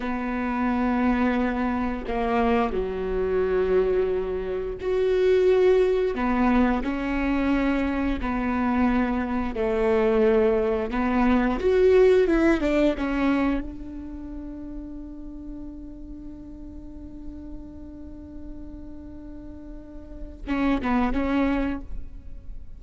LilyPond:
\new Staff \with { instrumentName = "viola" } { \time 4/4 \tempo 4 = 88 b2. ais4 | fis2. fis'4~ | fis'4 b4 cis'2 | b2 a2 |
b4 fis'4 e'8 d'8 cis'4 | d'1~ | d'1~ | d'2 cis'8 b8 cis'4 | }